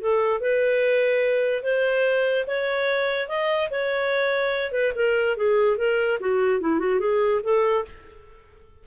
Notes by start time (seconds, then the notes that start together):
0.00 A4
0.40 B4
1.63 C5
2.47 C#5
3.28 D#5
3.70 C#5
4.72 B4
4.95 A#4
5.37 G#4
5.77 A#4
6.20 F#4
6.61 E4
6.79 F#4
6.99 G#4
7.43 A4